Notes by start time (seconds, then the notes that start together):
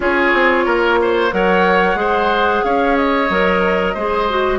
0.00 C#4 F4 G#4 C#5
0.33 C4
0.65 A#3 A#4
1.01 C5
1.31 F#3 A#4 C#5 F#5
1.95 G#3 G#4 C5
2.64 C#4 C#5 F5
2.96 D#5
3.29 F#3 A#4
3.93 G#3 G#4 C5
4.29 F#4